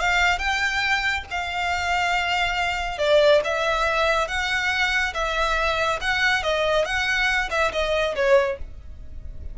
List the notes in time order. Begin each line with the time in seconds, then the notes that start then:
0.00 F5
0.39 G5
1.31 F5
2.99 D5
3.44 E5
4.28 F#5
5.14 E5
6.01 F#5
6.43 D#5
6.85 F#5
7.51 E5
7.73 D#5
8.16 C#5